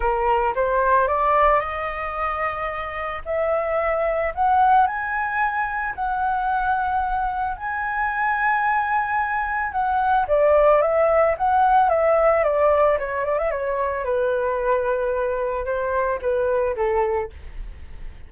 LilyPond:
\new Staff \with { instrumentName = "flute" } { \time 4/4 \tempo 4 = 111 ais'4 c''4 d''4 dis''4~ | dis''2 e''2 | fis''4 gis''2 fis''4~ | fis''2 gis''2~ |
gis''2 fis''4 d''4 | e''4 fis''4 e''4 d''4 | cis''8 d''16 e''16 cis''4 b'2~ | b'4 c''4 b'4 a'4 | }